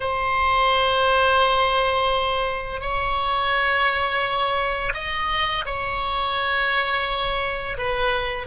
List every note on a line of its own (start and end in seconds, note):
0.00 2.80 C5
2.80 4.92 C#5
4.94 5.64 D#5
5.65 7.77 C#5
7.77 8.46 B4